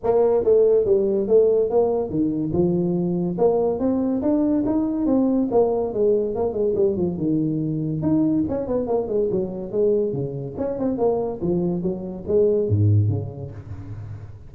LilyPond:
\new Staff \with { instrumentName = "tuba" } { \time 4/4 \tempo 4 = 142 ais4 a4 g4 a4 | ais4 dis4 f2 | ais4 c'4 d'4 dis'4 | c'4 ais4 gis4 ais8 gis8 |
g8 f8 dis2 dis'4 | cis'8 b8 ais8 gis8 fis4 gis4 | cis4 cis'8 c'8 ais4 f4 | fis4 gis4 gis,4 cis4 | }